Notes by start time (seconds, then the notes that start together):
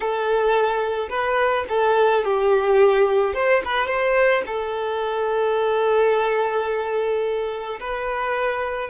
0.00 A4
1.09 B4
1.68 A4
2.24 G4
3.34 C5
3.64 B4
3.87 C5
4.46 A4
7.80 B4